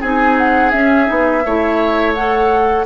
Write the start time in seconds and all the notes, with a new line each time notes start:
0.00 C4 D#4 G#4 G#5
0.37 F#5
0.71 C#4 E5
1.05 B3 D#4
1.45 A3 E4 C#5
2.14 A4 F#5